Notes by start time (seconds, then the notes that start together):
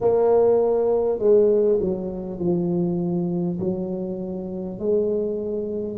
0.01 A#3
1.18 G#3
1.80 F#3
2.39 F3
3.59 F#3
4.79 G#3